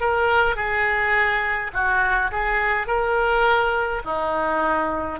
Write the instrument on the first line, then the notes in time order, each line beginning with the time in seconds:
oboe
0.00 A#4
0.56 G#4
1.73 F#4
2.31 G#4
2.87 A#4
4.05 D#4